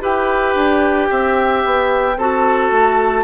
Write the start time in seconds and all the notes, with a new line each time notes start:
0.00 E4 G4 B4 G5
0.55 D4
1.10 C4 E5
1.65 B3
2.17 C4 F#4 A4 A5
2.71 A3